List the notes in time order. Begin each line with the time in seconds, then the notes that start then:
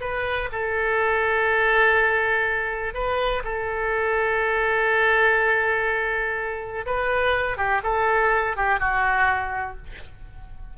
0.00 B4
0.52 A4
2.94 B4
3.44 A4
6.85 B4
7.57 G4
7.83 A4
8.56 G4
8.79 F#4